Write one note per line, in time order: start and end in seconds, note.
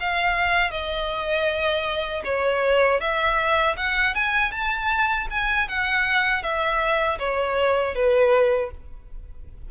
0.00 0.71 F5
0.71 2.23 D#5
2.25 3.00 C#5
3.00 3.76 E5
3.77 4.15 F#5
4.15 4.52 G#5
4.52 5.28 A5
5.31 5.69 G#5
5.69 6.43 F#5
6.43 7.19 E5
7.19 7.95 C#5
7.95 8.71 B4